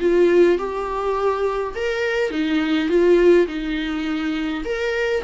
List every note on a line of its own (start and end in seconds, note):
0.00 0.58 F4
0.58 1.74 G4
1.75 2.31 A#4
2.31 2.89 D#4
2.89 3.47 F4
3.47 4.64 D#4
4.65 5.23 A#4